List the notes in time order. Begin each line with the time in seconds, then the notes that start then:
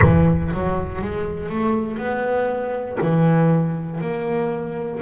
0.01 E3
0.53 F#3
1.01 G#3
1.49 A3
1.98 B3
3.00 E3
4.00 A#3